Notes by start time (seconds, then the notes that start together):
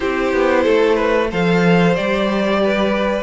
0.00 C4 E4 G4 C5
0.32 B3
0.63 A3 A4
0.95 B4
1.30 F3 A4 C5 F5
1.94 G3 G4 D5
2.63 B4